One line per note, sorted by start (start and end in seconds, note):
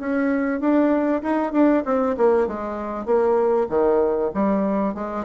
0.00 0.61 C#4
0.61 1.23 D4
1.23 1.53 D#4
1.53 1.84 D4
1.86 2.16 C4
2.17 2.48 A#3
2.48 3.06 G#3
3.06 3.68 A#3
3.70 4.32 D#3
4.34 4.95 G3
4.95 5.25 G#3